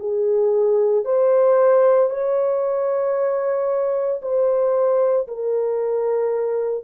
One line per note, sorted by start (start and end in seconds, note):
0.00 1.05 G#4
1.05 2.11 C5
2.11 4.21 C#5
4.22 5.28 C5
5.28 6.85 A#4